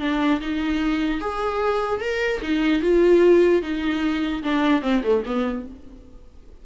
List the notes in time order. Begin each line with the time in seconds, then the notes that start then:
0.00 D4
0.41 D#4
1.21 G#4
2.01 A#4
2.42 D#4
2.82 F4
3.62 D#4
4.43 D4
4.82 C4
5.04 A3
5.26 B3